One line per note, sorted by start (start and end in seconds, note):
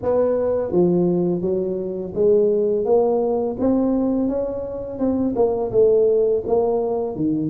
0.02 0.71 B3
0.71 1.41 F3
1.41 2.12 F#3
2.14 2.85 G#3
2.85 3.56 A#3
3.59 4.28 C4
4.28 4.98 C#4
4.98 5.34 C4
5.35 5.71 A#3
5.71 6.43 A3
6.46 7.15 A#3
7.15 7.49 D#3